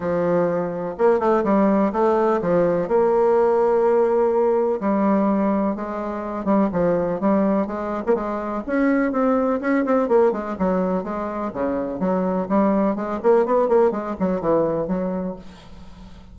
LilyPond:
\new Staff \with { instrumentName = "bassoon" } { \time 4/4 \tempo 4 = 125 f2 ais8 a8 g4 | a4 f4 ais2~ | ais2 g2 | gis4. g8 f4 g4 |
gis8. ais16 gis4 cis'4 c'4 | cis'8 c'8 ais8 gis8 fis4 gis4 | cis4 fis4 g4 gis8 ais8 | b8 ais8 gis8 fis8 e4 fis4 | }